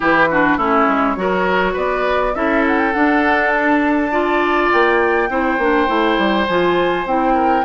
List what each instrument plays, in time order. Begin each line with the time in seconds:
0.00 bassoon E3, clarinet E4, oboe G4, flute B4
0.30 clarinet D4, oboe F#4
0.57 bassoon A3, clarinet C#4, oboe E4, flute C#5
0.88 bassoon G#3
1.16 bassoon F#3, clarinet F#4, oboe A#4
1.73 bassoon B3, oboe B4, flute D5
2.35 bassoon C#4, clarinet E4, oboe A4, flute E5
2.67 flute F#5
2.78 flute G5
2.93 clarinet D4, bassoon D4, flute F#5
3.54 flute A5
4.11 clarinet F4, oboe D5
4.72 bassoon A#3, flute G5
5.29 bassoon C4, clarinet E4, oboe C5
5.57 bassoon A#3, clarinet D4
5.87 bassoon A3, clarinet E4
6.18 bassoon G3
6.47 bassoon F3, clarinet F4, flute G#5
7.05 bassoon C4, clarinet E4, flute G5
7.34 oboe A#4